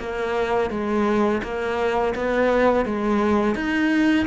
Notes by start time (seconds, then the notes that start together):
0.00 A#3
0.71 G#3
1.43 A#3
2.15 B3
2.86 G#3
3.55 D#4